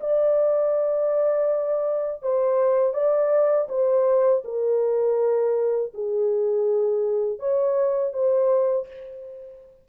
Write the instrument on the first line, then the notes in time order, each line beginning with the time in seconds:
horn
0.00 D5
2.22 C5
2.94 D5
3.69 C5
4.44 A#4
5.94 G#4
7.39 C#5
8.13 C5